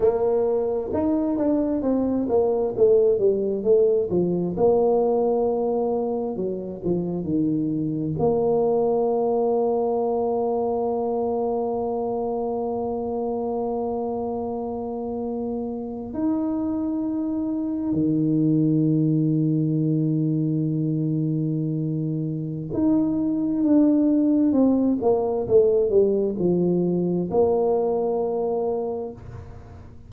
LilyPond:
\new Staff \with { instrumentName = "tuba" } { \time 4/4 \tempo 4 = 66 ais4 dis'8 d'8 c'8 ais8 a8 g8 | a8 f8 ais2 fis8 f8 | dis4 ais2.~ | ais1~ |
ais4.~ ais16 dis'2 dis16~ | dis1~ | dis4 dis'4 d'4 c'8 ais8 | a8 g8 f4 ais2 | }